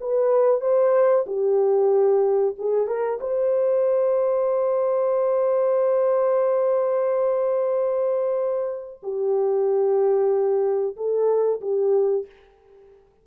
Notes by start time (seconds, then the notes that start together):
0.00 B4
0.60 C5
1.26 G4
2.58 G#4
2.87 A#4
3.20 C5
9.02 G4
10.96 A4
11.61 G4